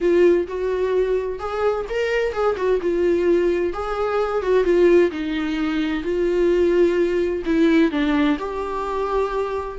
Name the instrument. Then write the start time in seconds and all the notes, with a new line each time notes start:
viola
0.00 F4
0.47 F#4
1.39 G#4
1.89 A#4
2.32 G#4
2.56 F#4
2.81 F4
3.73 G#4
4.42 F#4
4.64 F4
5.11 D#4
6.03 F4
7.45 E4
7.91 D4
8.39 G4